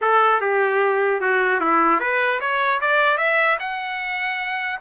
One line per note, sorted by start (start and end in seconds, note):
0.01 0.40 A4
0.40 1.20 G4
1.20 1.60 F#4
1.60 1.99 E4
1.99 2.39 B4
2.40 2.80 C#5
2.80 3.17 D5
3.17 3.57 E5
3.59 4.79 F#5